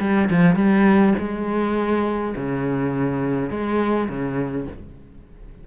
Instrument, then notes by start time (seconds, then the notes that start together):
cello
0.00 G3
0.30 F3
0.56 G3
1.18 G#3
2.36 C#3
3.50 G#3
4.09 C#3